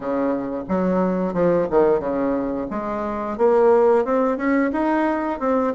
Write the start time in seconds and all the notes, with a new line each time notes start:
0.00 C#3
0.68 F#3
1.33 F3
1.70 D#3
1.99 C#3
2.70 G#3
3.37 A#3
4.04 C4
4.37 C#4
4.72 D#4
5.39 C4